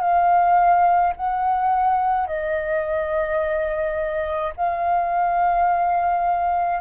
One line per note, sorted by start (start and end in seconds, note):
0.00 1.13 F5
1.16 2.27 F#5
2.27 4.53 D#5
4.56 6.81 F5